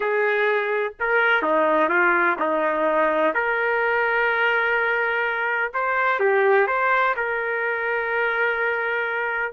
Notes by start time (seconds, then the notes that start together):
0.00 G#4
1.00 A#4
1.42 D#4
1.89 F4
2.39 D#4
3.33 A#4
5.73 C5
6.19 G4
6.67 C5
7.16 A#4